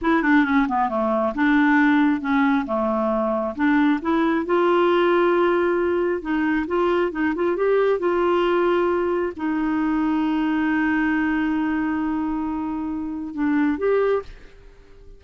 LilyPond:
\new Staff \with { instrumentName = "clarinet" } { \time 4/4 \tempo 4 = 135 e'8 d'8 cis'8 b8 a4 d'4~ | d'4 cis'4 a2 | d'4 e'4 f'2~ | f'2 dis'4 f'4 |
dis'8 f'8 g'4 f'2~ | f'4 dis'2.~ | dis'1~ | dis'2 d'4 g'4 | }